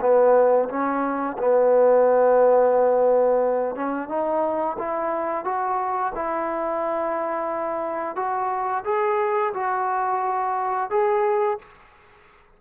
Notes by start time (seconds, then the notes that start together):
0.00 B3
0.68 C#4
1.38 B3
3.75 C#4
4.08 D#4
4.78 E4
5.44 F#4
6.15 E4
8.15 F#4
8.84 G#4
9.53 F#4
10.90 G#4